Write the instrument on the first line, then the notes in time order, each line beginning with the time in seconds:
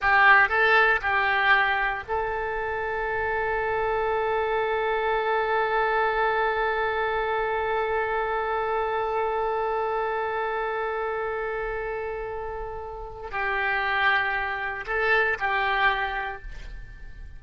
oboe
0.01 G4
0.48 A4
1.01 G4
2.08 A4
13.31 G4
14.86 A4
15.39 G4